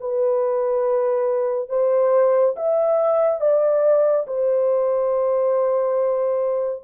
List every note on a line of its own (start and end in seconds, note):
0.00 1.69 B4
1.69 2.55 C5
2.56 3.41 E5
3.41 4.26 D5
4.27 6.83 C5